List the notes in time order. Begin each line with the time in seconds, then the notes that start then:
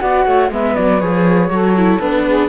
0.00 B3 F#4 D5 F#5
0.25 A3 C#5
0.51 G#3 B3 B4 E5
0.76 F#3 D5
1.00 F3 G#4 C#5
1.49 F#3 F#4 A4
1.77 E4
2.00 B3 D4 B4
2.26 G#4